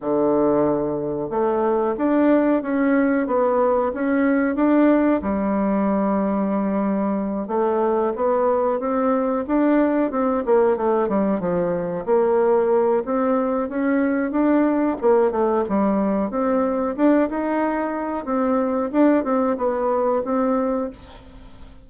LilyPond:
\new Staff \with { instrumentName = "bassoon" } { \time 4/4 \tempo 4 = 92 d2 a4 d'4 | cis'4 b4 cis'4 d'4 | g2.~ g8 a8~ | a8 b4 c'4 d'4 c'8 |
ais8 a8 g8 f4 ais4. | c'4 cis'4 d'4 ais8 a8 | g4 c'4 d'8 dis'4. | c'4 d'8 c'8 b4 c'4 | }